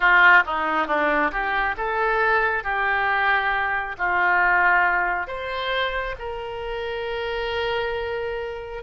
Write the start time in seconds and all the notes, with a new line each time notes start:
0.00 F4
0.46 D#4
0.87 D4
1.31 G4
1.76 A4
2.63 G4
3.97 F4
5.27 C5
6.18 A#4